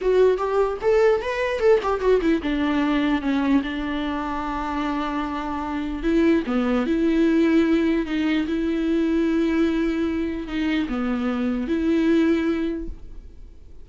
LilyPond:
\new Staff \with { instrumentName = "viola" } { \time 4/4 \tempo 4 = 149 fis'4 g'4 a'4 b'4 | a'8 g'8 fis'8 e'8 d'2 | cis'4 d'2.~ | d'2. e'4 |
b4 e'2. | dis'4 e'2.~ | e'2 dis'4 b4~ | b4 e'2. | }